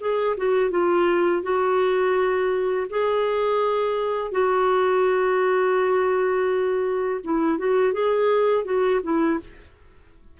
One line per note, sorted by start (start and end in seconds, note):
0.00 0.36 G#4
0.37 0.71 F#4
0.71 1.42 F4
1.42 2.87 F#4
2.89 4.31 G#4
4.31 7.20 F#4
7.24 7.58 E4
7.58 7.93 F#4
7.93 8.64 G#4
8.64 9.00 F#4
9.03 9.39 E4